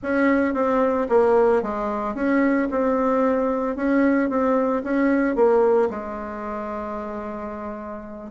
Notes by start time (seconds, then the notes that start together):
0.03 C#4
0.54 C4
1.09 A#3
1.62 G#3
2.14 C#4
2.70 C4
3.76 C#4
4.29 C4
4.83 C#4
5.35 A#3
5.90 G#3